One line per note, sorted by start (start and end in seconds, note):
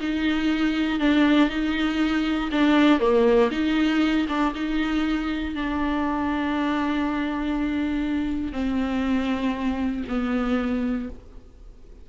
0.00 1.00 D#4
1.00 1.49 D4
1.49 2.50 D#4
2.52 3.00 D4
3.00 3.50 A#3
3.51 4.27 D#4
4.28 4.54 D4
4.55 5.55 D#4
5.55 8.53 D4
8.53 10.04 C4
10.08 11.09 B3